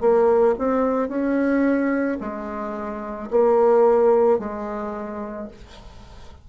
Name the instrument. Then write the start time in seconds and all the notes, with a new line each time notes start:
bassoon
0.00 A#3
0.58 C4
1.08 C#4
2.20 G#3
3.30 A#3
4.38 G#3